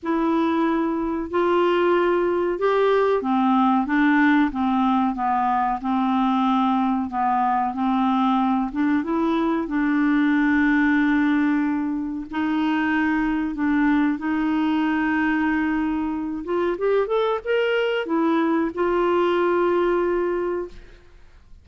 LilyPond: \new Staff \with { instrumentName = "clarinet" } { \time 4/4 \tempo 4 = 93 e'2 f'2 | g'4 c'4 d'4 c'4 | b4 c'2 b4 | c'4. d'8 e'4 d'4~ |
d'2. dis'4~ | dis'4 d'4 dis'2~ | dis'4. f'8 g'8 a'8 ais'4 | e'4 f'2. | }